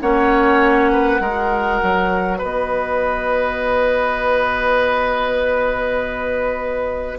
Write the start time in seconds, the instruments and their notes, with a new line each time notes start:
0.00 bassoon A#3, clarinet C#4, oboe C#5, flute F#5
0.91 oboe B4
1.20 bassoon G#3, clarinet F#4, oboe A#4
1.82 bassoon F#3
2.37 bassoon B3, oboe B4, flute D#5